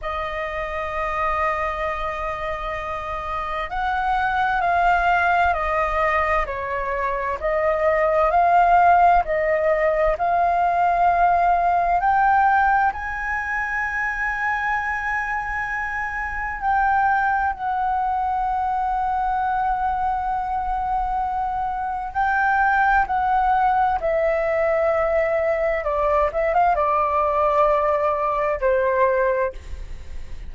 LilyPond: \new Staff \with { instrumentName = "flute" } { \time 4/4 \tempo 4 = 65 dis''1 | fis''4 f''4 dis''4 cis''4 | dis''4 f''4 dis''4 f''4~ | f''4 g''4 gis''2~ |
gis''2 g''4 fis''4~ | fis''1 | g''4 fis''4 e''2 | d''8 e''16 f''16 d''2 c''4 | }